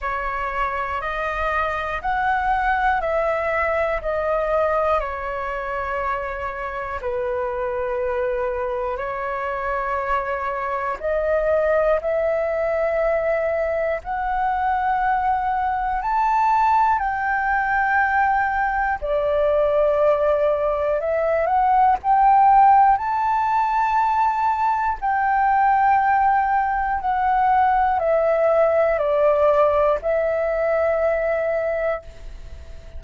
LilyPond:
\new Staff \with { instrumentName = "flute" } { \time 4/4 \tempo 4 = 60 cis''4 dis''4 fis''4 e''4 | dis''4 cis''2 b'4~ | b'4 cis''2 dis''4 | e''2 fis''2 |
a''4 g''2 d''4~ | d''4 e''8 fis''8 g''4 a''4~ | a''4 g''2 fis''4 | e''4 d''4 e''2 | }